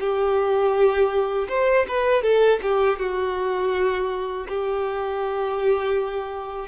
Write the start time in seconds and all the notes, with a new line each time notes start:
0.00 G4
1.49 C5
1.88 B4
2.23 A4
2.62 G4
2.99 F#4
4.48 G4